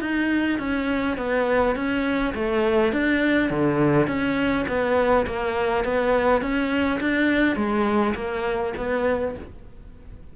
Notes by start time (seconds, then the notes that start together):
0.00 D#4
0.59 C#4
1.17 B3
1.75 C#4
2.34 A3
2.92 D4
3.50 D3
4.07 C#4
4.68 B3
5.26 A#3
5.84 B3
6.41 C#4
7.00 D4
7.55 G#3
8.14 A#3
8.76 B3